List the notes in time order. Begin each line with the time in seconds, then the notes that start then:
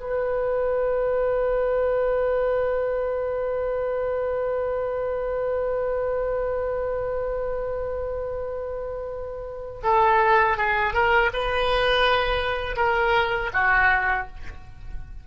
0.00 B4
9.84 A4
10.57 G#4
10.94 A#4
11.33 B4
12.77 A#4
13.53 F#4